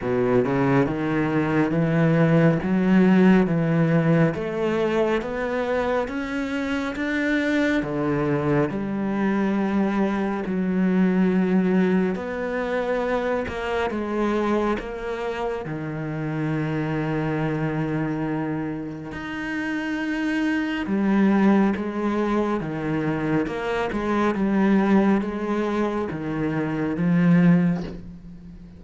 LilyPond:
\new Staff \with { instrumentName = "cello" } { \time 4/4 \tempo 4 = 69 b,8 cis8 dis4 e4 fis4 | e4 a4 b4 cis'4 | d'4 d4 g2 | fis2 b4. ais8 |
gis4 ais4 dis2~ | dis2 dis'2 | g4 gis4 dis4 ais8 gis8 | g4 gis4 dis4 f4 | }